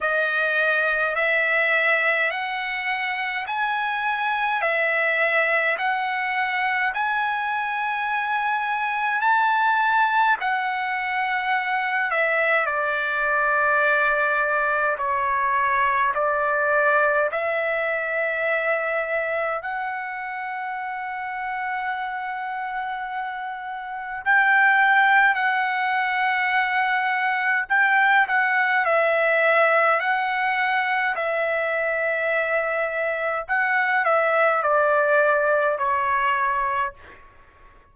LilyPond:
\new Staff \with { instrumentName = "trumpet" } { \time 4/4 \tempo 4 = 52 dis''4 e''4 fis''4 gis''4 | e''4 fis''4 gis''2 | a''4 fis''4. e''8 d''4~ | d''4 cis''4 d''4 e''4~ |
e''4 fis''2.~ | fis''4 g''4 fis''2 | g''8 fis''8 e''4 fis''4 e''4~ | e''4 fis''8 e''8 d''4 cis''4 | }